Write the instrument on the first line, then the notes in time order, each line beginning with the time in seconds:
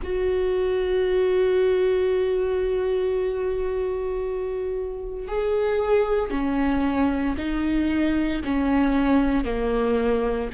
viola
0.02 F#4
5.27 G#4
6.30 C#4
7.37 D#4
8.44 C#4
9.44 A#3